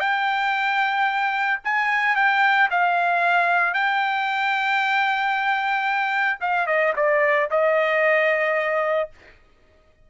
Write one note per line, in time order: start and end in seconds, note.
0.00 1.59 G5
1.64 2.16 G#5
2.16 2.69 G5
2.71 3.74 F5
3.74 6.39 G5
6.41 6.67 F5
6.67 6.93 D#5
6.96 7.49 D5
7.51 9.10 D#5